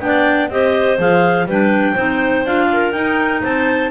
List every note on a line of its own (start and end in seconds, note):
0.00 0.49 B3
0.00 0.49 D4
0.00 0.51 D5
0.00 0.49 G5
0.49 0.98 C4
0.49 0.97 G4
0.49 1.47 C5
0.49 0.99 D#5
0.97 1.45 F3
0.97 1.46 G#4
0.97 1.49 F5
1.45 1.94 G3
1.45 1.96 D4
1.45 1.93 B4
1.45 2.46 G5
1.93 2.45 C4
1.93 2.45 D#4
1.93 2.66 C5
2.45 2.93 D4
2.45 2.93 F4
2.45 2.91 F5
2.72 3.43 A#4
2.91 3.42 D#4
2.91 3.91 D#4
2.91 3.40 G5
3.43 3.91 C4
3.43 3.91 C5
3.43 3.91 A5